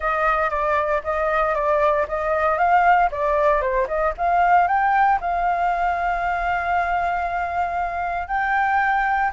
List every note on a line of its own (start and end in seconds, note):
0.00 0.50 D#5
0.50 1.01 D5
1.03 1.54 D#5
1.54 2.06 D5
2.08 2.57 D#5
2.57 3.09 F5
3.11 3.61 D5
3.61 3.87 C5
3.87 4.13 D#5
4.17 4.67 F5
4.67 5.19 G5
5.21 8.27 F5
8.27 9.31 G5